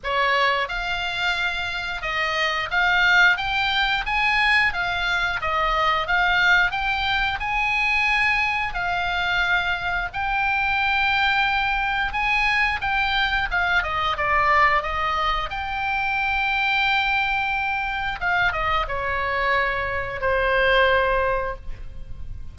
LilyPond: \new Staff \with { instrumentName = "oboe" } { \time 4/4 \tempo 4 = 89 cis''4 f''2 dis''4 | f''4 g''4 gis''4 f''4 | dis''4 f''4 g''4 gis''4~ | gis''4 f''2 g''4~ |
g''2 gis''4 g''4 | f''8 dis''8 d''4 dis''4 g''4~ | g''2. f''8 dis''8 | cis''2 c''2 | }